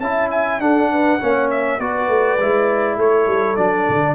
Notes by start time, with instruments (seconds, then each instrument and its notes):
0.00 tuba C#4, trombone E4, horn E5, trumpet A5
0.31 trumpet G#5
0.59 tuba D4, trombone D4, horn A4, trumpet F#5
0.92 horn B4
1.20 tuba A#3, trombone C#4, horn C#5
1.51 trumpet E5
1.79 tuba B3, trombone F#4, horn B4, trumpet D5
2.08 tuba A3
2.39 tuba G#3, trombone E4
2.97 tuba A3, horn A4, trumpet C#5
3.27 tuba G3
3.56 tuba F#3, trombone D4, trumpet D5
3.89 tuba D3